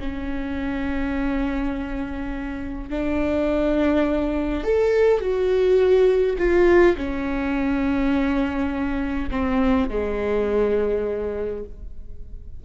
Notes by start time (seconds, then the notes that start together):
0.00 C#4
2.90 D4
4.64 A4
5.21 F#4
6.38 F4
6.97 C#4
9.31 C4
9.89 G#3